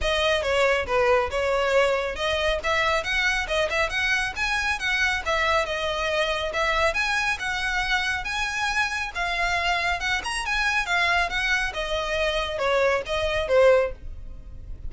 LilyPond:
\new Staff \with { instrumentName = "violin" } { \time 4/4 \tempo 4 = 138 dis''4 cis''4 b'4 cis''4~ | cis''4 dis''4 e''4 fis''4 | dis''8 e''8 fis''4 gis''4 fis''4 | e''4 dis''2 e''4 |
gis''4 fis''2 gis''4~ | gis''4 f''2 fis''8 ais''8 | gis''4 f''4 fis''4 dis''4~ | dis''4 cis''4 dis''4 c''4 | }